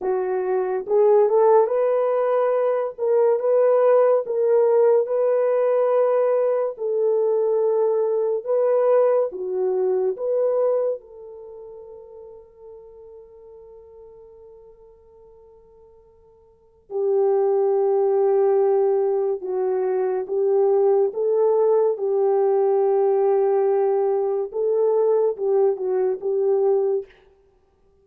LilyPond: \new Staff \with { instrumentName = "horn" } { \time 4/4 \tempo 4 = 71 fis'4 gis'8 a'8 b'4. ais'8 | b'4 ais'4 b'2 | a'2 b'4 fis'4 | b'4 a'2.~ |
a'1 | g'2. fis'4 | g'4 a'4 g'2~ | g'4 a'4 g'8 fis'8 g'4 | }